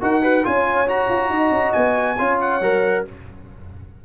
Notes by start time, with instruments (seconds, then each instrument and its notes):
0.00 tuba D#4, trombone F#4, horn A#4, trumpet F#5
0.22 horn F#4, trombone B4
0.44 tuba C#4, trombone F4, horn C#5, trumpet G#5
0.86 tuba F#4, trombone F#4, trumpet A#5
1.09 tuba F4
1.29 tuba D#4, horn D#5
1.51 tuba C#4
1.72 tuba B3, trumpet G#5
2.17 tuba C#4, trombone F4, horn C#5
2.40 trumpet F#5
2.60 tuba F#3, trombone A#4